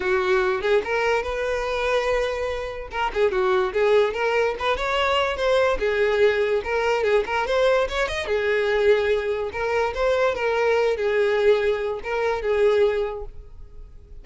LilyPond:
\new Staff \with { instrumentName = "violin" } { \time 4/4 \tempo 4 = 145 fis'4. gis'8 ais'4 b'4~ | b'2. ais'8 gis'8 | fis'4 gis'4 ais'4 b'8 cis''8~ | cis''4 c''4 gis'2 |
ais'4 gis'8 ais'8 c''4 cis''8 dis''8 | gis'2. ais'4 | c''4 ais'4. gis'4.~ | gis'4 ais'4 gis'2 | }